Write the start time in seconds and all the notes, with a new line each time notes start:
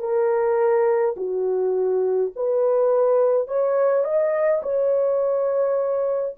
0.00 A#4
1.17 F#4
2.36 B4
3.48 C#5
4.04 D#5
4.63 C#5